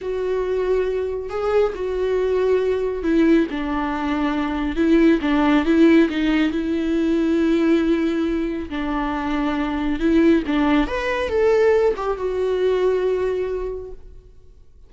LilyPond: \new Staff \with { instrumentName = "viola" } { \time 4/4 \tempo 4 = 138 fis'2. gis'4 | fis'2. e'4 | d'2. e'4 | d'4 e'4 dis'4 e'4~ |
e'1 | d'2. e'4 | d'4 b'4 a'4. g'8 | fis'1 | }